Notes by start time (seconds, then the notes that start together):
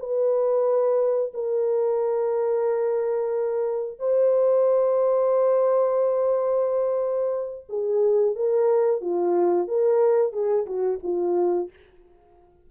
0.00 B4
1.34 A#4
3.99 C5
7.69 G#4
8.36 A#4
9.02 F4
9.68 A#4
10.33 G#4
10.67 F#4
11.04 F4